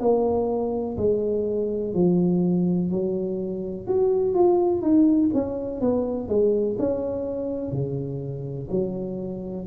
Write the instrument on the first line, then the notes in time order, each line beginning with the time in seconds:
tuba
0.00 A#3
0.97 G#3
1.94 F3
2.91 F#3
3.87 F#4
4.34 F4
4.82 D#4
5.34 C#4
5.81 B3
6.29 G#3
6.79 C#4
7.72 C#3
8.71 F#3